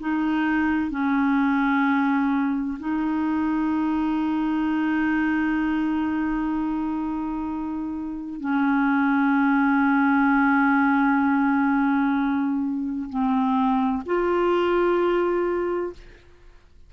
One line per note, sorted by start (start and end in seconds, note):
0.00 0.90 D#4
0.90 2.78 C#4
2.79 8.40 D#4
8.40 13.09 C#4
13.09 14.03 C4
14.05 15.93 F4